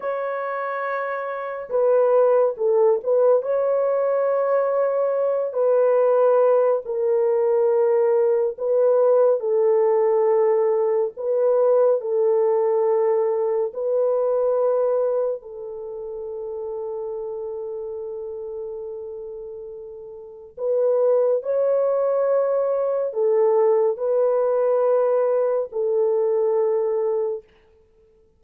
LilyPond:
\new Staff \with { instrumentName = "horn" } { \time 4/4 \tempo 4 = 70 cis''2 b'4 a'8 b'8 | cis''2~ cis''8 b'4. | ais'2 b'4 a'4~ | a'4 b'4 a'2 |
b'2 a'2~ | a'1 | b'4 cis''2 a'4 | b'2 a'2 | }